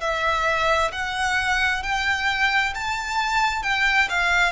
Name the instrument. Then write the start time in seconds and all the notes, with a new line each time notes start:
violin
0.00 E5
0.92 F#5
1.83 G5
2.74 A5
3.63 G5
4.09 F5